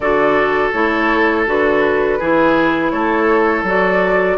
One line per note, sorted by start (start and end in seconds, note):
0.00 0.70 D3
0.00 0.73 F#4
0.00 2.18 A4
0.00 0.70 D5
0.72 1.47 A3
0.72 1.46 E4
0.72 1.45 C#5
1.46 2.20 D3
1.46 2.19 F#4
1.46 2.90 B4
2.18 2.91 E3
2.18 3.66 E4
2.18 2.91 G#4
2.90 3.63 A3
2.90 4.37 A4
2.90 3.63 C#5
3.63 4.36 F#3
3.63 4.37 F#4
3.63 4.37 D5